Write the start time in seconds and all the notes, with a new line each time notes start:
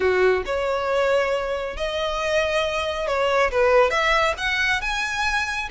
0.00 F#4
0.45 C#5
1.76 D#5
3.07 C#5
3.51 B4
3.90 E5
4.37 F#5
4.81 G#5